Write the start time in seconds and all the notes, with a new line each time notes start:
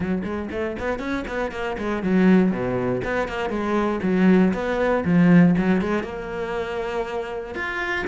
0.00 F#3
0.23 G#3
0.51 A3
0.79 B3
0.99 C#4
1.27 B3
1.51 A#3
1.78 G#3
2.02 F#3
2.51 B2
3.04 B3
3.28 A#3
3.49 G#3
4.02 F#3
4.53 B3
5.04 F3
5.57 F#3
5.81 G#3
6.03 A#3
7.54 F4